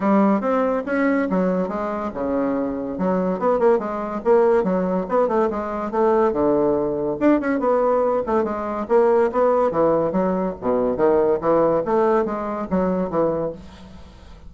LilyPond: \new Staff \with { instrumentName = "bassoon" } { \time 4/4 \tempo 4 = 142 g4 c'4 cis'4 fis4 | gis4 cis2 fis4 | b8 ais8 gis4 ais4 fis4 | b8 a8 gis4 a4 d4~ |
d4 d'8 cis'8 b4. a8 | gis4 ais4 b4 e4 | fis4 b,4 dis4 e4 | a4 gis4 fis4 e4 | }